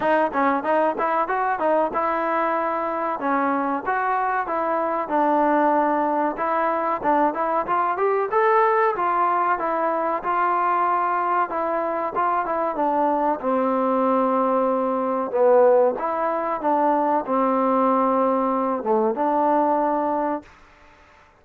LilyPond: \new Staff \with { instrumentName = "trombone" } { \time 4/4 \tempo 4 = 94 dis'8 cis'8 dis'8 e'8 fis'8 dis'8 e'4~ | e'4 cis'4 fis'4 e'4 | d'2 e'4 d'8 e'8 | f'8 g'8 a'4 f'4 e'4 |
f'2 e'4 f'8 e'8 | d'4 c'2. | b4 e'4 d'4 c'4~ | c'4. a8 d'2 | }